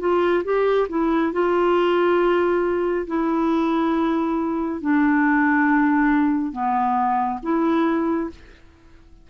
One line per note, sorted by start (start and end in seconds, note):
0.00 0.43 F4
0.44 0.88 G4
0.89 1.32 E4
1.33 3.07 F4
3.07 4.81 E4
4.81 6.52 D4
6.52 7.39 B3
7.43 8.30 E4